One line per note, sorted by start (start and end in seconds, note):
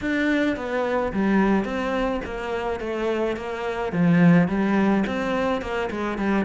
0.01 0.56 D4
0.56 1.12 B3
1.12 1.64 G3
1.64 2.20 C4
2.24 2.80 A#3
2.80 3.36 A3
3.36 3.92 A#3
3.92 4.48 F3
4.48 5.04 G3
5.06 5.61 C4
5.61 5.89 A#3
5.90 6.18 G#3
6.18 6.45 G3